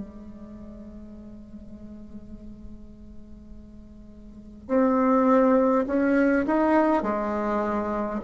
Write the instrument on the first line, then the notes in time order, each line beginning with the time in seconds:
bassoon
0.00 G#3
4.68 C4
5.87 C#4
6.47 D#4
7.03 G#3